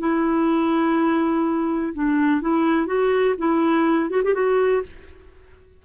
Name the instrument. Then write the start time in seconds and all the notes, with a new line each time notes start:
clarinet
0.00 E4
1.94 D4
2.41 E4
2.87 F#4
3.38 E4
4.10 F#4
4.24 G4
4.34 F#4